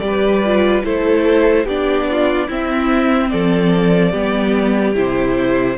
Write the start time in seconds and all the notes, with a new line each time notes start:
0.00 G3 G4 D5
0.07 B4
0.46 F4
0.85 A3 E4 A4 C5
1.65 B3 D4 G4 D5
2.10 F4
2.48 C4 E4 E5
3.30 F3 A4 D5
4.12 G3 B3 G4
4.95 C3 E4 C5